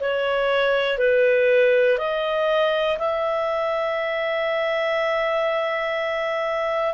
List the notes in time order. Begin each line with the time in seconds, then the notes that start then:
0.00 C#5
0.98 B4
1.98 D#5
2.98 E5